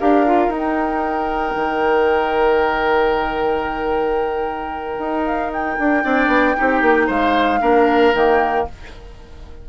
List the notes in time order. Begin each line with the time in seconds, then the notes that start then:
0.00 D4 G4 A#4 F5
0.27 F4
0.48 D#4 G5
1.56 D#3
4.98 D#4
5.26 F5
5.53 G5
5.79 D4
6.03 C4 D4 D5
6.27 B3
6.56 C4 D#4 G4
6.82 A#3
7.07 G#3 C5 F5
7.61 A#3 D4 A#4
8.14 D#3 A#3 G5